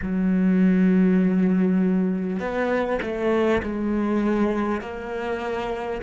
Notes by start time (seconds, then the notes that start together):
0.02 F#3
2.39 B3
3.02 A3
3.62 G#3
4.81 A#3